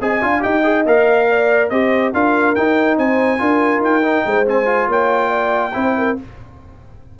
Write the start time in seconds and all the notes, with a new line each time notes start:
0.00 C4 G#4 D#5 G#5
0.21 D4 F4 F5
0.40 D#4 G4 D#5 G5
0.63 G#4
0.85 A#3 A#4 F5
1.29 D5
1.69 C4 G4 C5 D#5
2.12 D4 F4 A#4 F5
2.55 D#4 G5
2.98 C4 C5 G#5
3.38 D4 F4 A#4
3.79 D#4 G5
4.02 D#4
4.26 G#3 C5
4.46 C4 G#5
4.65 F4
4.88 A#3 C#5 G5
5.29 D5
5.73 C4 E4 C5
5.98 A#4